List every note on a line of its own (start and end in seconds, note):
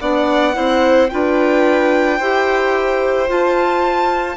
0.00 0.56 B3
0.00 0.53 D4
0.00 0.55 D5
0.00 1.10 F#5
0.53 1.11 C4
0.53 1.07 E4
0.53 1.10 C5
1.10 2.20 D4
1.10 2.20 F4
1.10 2.18 B4
1.10 3.28 G5
2.18 3.29 E4
2.18 3.27 G4
2.18 4.36 C5
3.27 4.36 F4
3.27 4.37 F4
3.27 4.37 A5